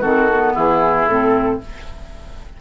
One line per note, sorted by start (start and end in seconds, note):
0.00 0.56 D#3
0.00 0.29 C4
0.00 0.53 F#4
0.00 0.55 A4
0.32 1.08 B3
0.54 1.07 E3
0.54 1.60 E4
0.54 1.08 G#4
1.07 1.60 A2
1.07 1.60 C4
1.07 1.61 A4